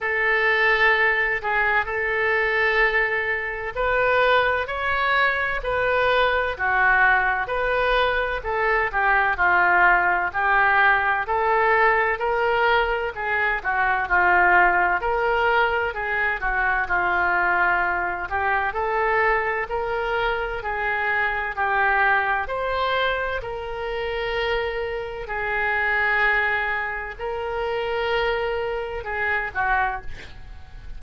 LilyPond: \new Staff \with { instrumentName = "oboe" } { \time 4/4 \tempo 4 = 64 a'4. gis'8 a'2 | b'4 cis''4 b'4 fis'4 | b'4 a'8 g'8 f'4 g'4 | a'4 ais'4 gis'8 fis'8 f'4 |
ais'4 gis'8 fis'8 f'4. g'8 | a'4 ais'4 gis'4 g'4 | c''4 ais'2 gis'4~ | gis'4 ais'2 gis'8 fis'8 | }